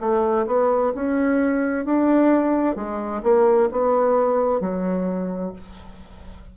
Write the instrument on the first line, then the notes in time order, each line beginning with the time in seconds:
bassoon
0.00 A3
0.47 B3
0.95 C#4
1.85 D4
2.76 G#3
3.23 A#3
3.71 B3
4.60 F#3